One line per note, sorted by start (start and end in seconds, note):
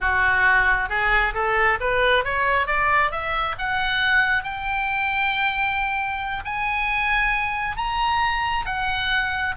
0.01 0.89 F#4
0.89 1.33 G#4
1.34 1.78 A4
1.80 2.24 B4
2.24 2.66 C#5
2.66 3.11 D5
3.11 3.55 E5
3.58 4.43 F#5
4.43 6.43 G5
6.44 7.76 G#5
7.76 8.65 A#5
8.65 9.54 F#5